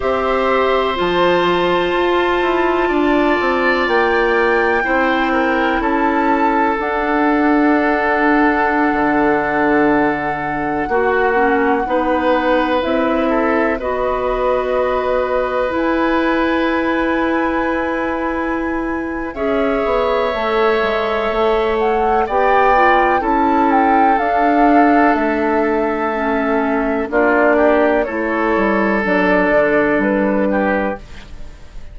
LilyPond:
<<
  \new Staff \with { instrumentName = "flute" } { \time 4/4 \tempo 4 = 62 e''4 a''2. | g''2 a''4 fis''4~ | fis''1~ | fis''4~ fis''16 e''4 dis''4.~ dis''16~ |
dis''16 gis''2.~ gis''8. | e''2~ e''8 fis''8 g''4 | a''8 g''8 f''4 e''2 | d''4 cis''4 d''4 b'4 | }
  \new Staff \with { instrumentName = "oboe" } { \time 4/4 c''2. d''4~ | d''4 c''8 ais'8 a'2~ | a'2.~ a'16 fis'8.~ | fis'16 b'4. a'8 b'4.~ b'16~ |
b'1 | cis''2. d''4 | a'1 | f'8 g'8 a'2~ a'8 g'8 | }
  \new Staff \with { instrumentName = "clarinet" } { \time 4/4 g'4 f'2.~ | f'4 e'2 d'4~ | d'2.~ d'16 fis'8 cis'16~ | cis'16 dis'4 e'4 fis'4.~ fis'16~ |
fis'16 e'2.~ e'8. | gis'4 a'2 g'8 f'8 | e'4 d'2 cis'4 | d'4 e'4 d'2 | }
  \new Staff \with { instrumentName = "bassoon" } { \time 4/4 c'4 f4 f'8 e'8 d'8 c'8 | ais4 c'4 cis'4 d'4~ | d'4~ d'16 d2 ais8.~ | ais16 b4 c'4 b4.~ b16~ |
b16 e'2.~ e'8. | cis'8 b8 a8 gis8 a4 b4 | cis'4 d'4 a2 | ais4 a8 g8 fis8 d8 g4 | }
>>